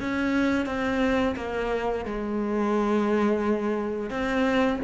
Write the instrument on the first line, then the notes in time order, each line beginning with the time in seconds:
cello
0.00 C#4
0.66 C4
1.36 A#3
2.05 G#3
4.10 C4